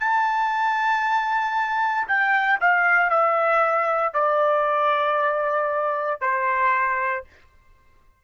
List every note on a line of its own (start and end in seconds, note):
0.00 2.07 A5
2.07 2.59 G5
2.61 3.10 F5
3.10 4.13 E5
4.14 6.21 D5
6.21 7.24 C5